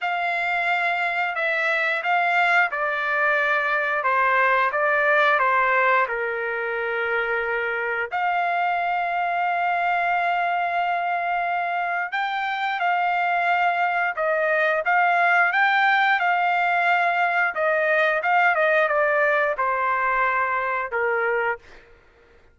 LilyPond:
\new Staff \with { instrumentName = "trumpet" } { \time 4/4 \tempo 4 = 89 f''2 e''4 f''4 | d''2 c''4 d''4 | c''4 ais'2. | f''1~ |
f''2 g''4 f''4~ | f''4 dis''4 f''4 g''4 | f''2 dis''4 f''8 dis''8 | d''4 c''2 ais'4 | }